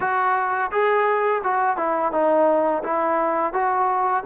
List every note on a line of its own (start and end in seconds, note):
0.00 0.71 F#4
0.71 1.42 G#4
1.43 1.76 F#4
1.76 2.12 E4
2.12 2.82 D#4
2.83 3.53 E4
3.53 4.24 F#4